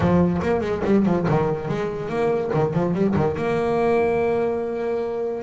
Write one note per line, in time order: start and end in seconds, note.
0.00 0.39 F3
0.42 0.60 A#3
0.60 0.81 G#3
0.84 1.05 G3
1.05 1.26 F3
1.28 1.68 D#3
1.68 2.08 G#3
2.08 2.50 A#3
2.54 2.73 D#3
2.73 2.94 F3
2.94 3.14 G3
3.15 3.36 D#3
3.36 5.43 A#3